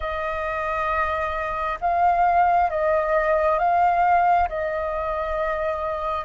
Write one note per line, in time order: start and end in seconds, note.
0.00 1.78 D#5
1.81 2.70 F5
2.70 3.59 D#5
3.59 4.48 F5
4.48 6.25 D#5